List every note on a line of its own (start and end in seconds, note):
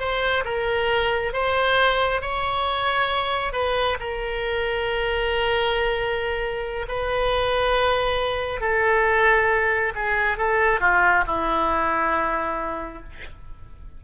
0.00 0.44 C5
0.45 1.34 A#4
1.34 2.22 C5
2.22 3.53 C#5
3.53 3.97 B4
4.00 6.87 A#4
6.89 8.61 B4
8.61 9.93 A4
9.95 10.38 G#4
10.38 10.80 A4
10.80 11.25 F4
11.27 13.03 E4